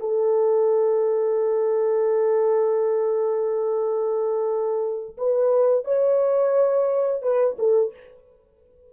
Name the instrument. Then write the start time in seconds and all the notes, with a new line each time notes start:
horn
0.00 A4
5.18 B4
5.85 C#5
7.22 B4
7.59 A4